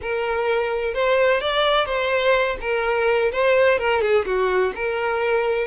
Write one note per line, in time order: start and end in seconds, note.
0.01 0.94 A#4
0.94 1.40 C5
1.40 1.86 D5
1.86 2.56 C5
2.60 3.31 A#4
3.32 3.78 C5
3.78 4.01 A#4
4.01 4.25 G#4
4.25 4.72 F#4
4.75 5.67 A#4